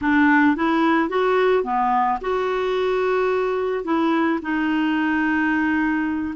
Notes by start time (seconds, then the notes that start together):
0.01 D4
0.56 E4
1.09 F#4
1.63 B3
2.21 F#4
3.84 E4
4.42 D#4